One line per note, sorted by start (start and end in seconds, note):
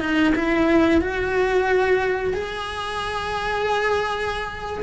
0.00 0.33 D#4
0.35 1.01 E4
1.01 2.34 F#4
2.34 4.83 G#4